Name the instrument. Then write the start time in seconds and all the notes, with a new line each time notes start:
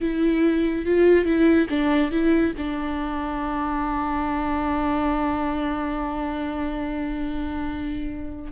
viola
0.01 E4
0.85 F4
1.25 E4
1.69 D4
2.11 E4
2.57 D4